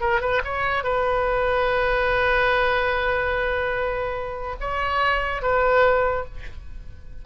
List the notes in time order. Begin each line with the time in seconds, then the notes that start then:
0.00 A#4
0.21 B4
0.44 C#5
0.83 B4
4.60 C#5
5.42 B4